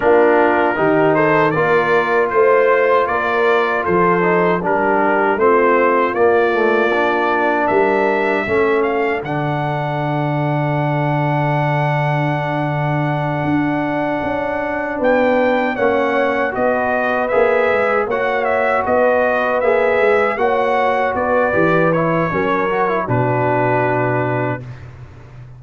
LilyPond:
<<
  \new Staff \with { instrumentName = "trumpet" } { \time 4/4 \tempo 4 = 78 ais'4. c''8 d''4 c''4 | d''4 c''4 ais'4 c''4 | d''2 e''4. f''8 | fis''1~ |
fis''2.~ fis''8 g''8~ | g''8 fis''4 dis''4 e''4 fis''8 | e''8 dis''4 e''4 fis''4 d''8~ | d''8 cis''4. b'2 | }
  \new Staff \with { instrumentName = "horn" } { \time 4/4 f'4 g'8 a'8 ais'4 c''4 | ais'4 a'4 g'4 f'4~ | f'2 ais'4 a'4~ | a'1~ |
a'2.~ a'8 b'8~ | b'8 cis''4 b'2 cis''8~ | cis''8 b'2 cis''4 b'8~ | b'4 ais'4 fis'2 | }
  \new Staff \with { instrumentName = "trombone" } { \time 4/4 d'4 dis'4 f'2~ | f'4. dis'8 d'4 c'4 | ais8 a8 d'2 cis'4 | d'1~ |
d'1~ | d'8 cis'4 fis'4 gis'4 fis'8~ | fis'4. gis'4 fis'4. | g'8 e'8 cis'8 fis'16 e'16 d'2 | }
  \new Staff \with { instrumentName = "tuba" } { \time 4/4 ais4 dis4 ais4 a4 | ais4 f4 g4 a4 | ais2 g4 a4 | d1~ |
d4. d'4 cis'4 b8~ | b8 ais4 b4 ais8 gis8 ais8~ | ais8 b4 ais8 gis8 ais4 b8 | e4 fis4 b,2 | }
>>